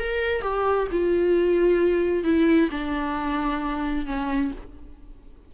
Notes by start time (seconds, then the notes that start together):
0.00 A#4
0.42 G4
0.92 F4
2.24 E4
2.71 D4
4.06 C#4